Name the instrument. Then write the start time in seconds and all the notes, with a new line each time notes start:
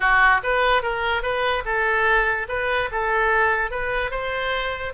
oboe
0.00 F#4
0.43 B4
0.82 A#4
1.22 B4
1.65 A4
2.48 B4
2.91 A4
3.70 B4
4.11 C5